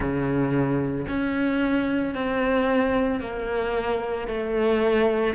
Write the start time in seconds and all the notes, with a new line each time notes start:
0.00 C#3
1.08 C#4
2.14 C4
3.20 A#3
4.27 A3